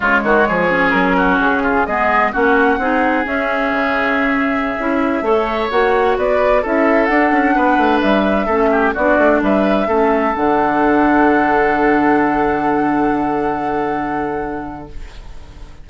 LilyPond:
<<
  \new Staff \with { instrumentName = "flute" } { \time 4/4 \tempo 4 = 129 cis''2 ais'4 gis'4 | dis''4 fis''2 e''4~ | e''1~ | e''16 fis''4 d''4 e''4 fis''8.~ |
fis''4~ fis''16 e''2 d''8.~ | d''16 e''2 fis''4.~ fis''16~ | fis''1~ | fis''1 | }
  \new Staff \with { instrumentName = "oboe" } { \time 4/4 f'8 fis'8 gis'4. fis'4 f'8 | gis'4 fis'4 gis'2~ | gis'2.~ gis'16 cis''8.~ | cis''4~ cis''16 b'4 a'4.~ a'16~ |
a'16 b'2 a'8 g'8 fis'8.~ | fis'16 b'4 a'2~ a'8.~ | a'1~ | a'1 | }
  \new Staff \with { instrumentName = "clarinet" } { \time 4/4 gis4. cis'2~ cis'8 | b4 cis'4 dis'4 cis'4~ | cis'2~ cis'16 e'4 a'8.~ | a'16 fis'2 e'4 d'8.~ |
d'2~ d'16 cis'4 d'8.~ | d'4~ d'16 cis'4 d'4.~ d'16~ | d'1~ | d'1 | }
  \new Staff \with { instrumentName = "bassoon" } { \time 4/4 cis8 dis8 f4 fis4 cis4 | gis4 ais4 c'4 cis'4 | cis2~ cis16 cis'4 a8.~ | a16 ais4 b4 cis'4 d'8 cis'16~ |
cis'16 b8 a8 g4 a4 b8 a16~ | a16 g4 a4 d4.~ d16~ | d1~ | d1 | }
>>